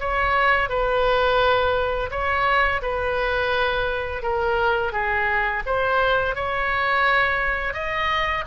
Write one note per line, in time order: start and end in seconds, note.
0.00 0.69 C#5
0.69 2.10 B4
2.11 2.81 C#5
2.82 4.23 B4
4.23 4.93 A#4
4.93 5.63 G#4
5.66 6.35 C5
6.35 7.74 C#5
7.74 8.44 D#5